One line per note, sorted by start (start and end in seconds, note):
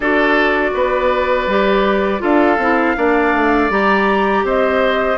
0.00 0.72 D4
0.00 1.49 F#4
0.00 0.70 A4
0.00 2.22 D5
0.74 1.46 B3
0.74 2.22 B4
1.46 2.21 G3
1.46 2.19 G4
2.19 2.57 D4
2.19 2.56 F4
2.19 2.96 A4
2.19 3.70 F5
2.57 2.94 C4
2.57 2.96 E4
2.96 3.33 A#3
2.96 3.70 D4
2.96 4.45 D5
3.33 3.69 A3
3.69 4.43 G3
3.69 5.18 G4
3.69 4.45 A#5
4.43 5.17 C4
4.43 5.18 C5
4.43 5.18 D#5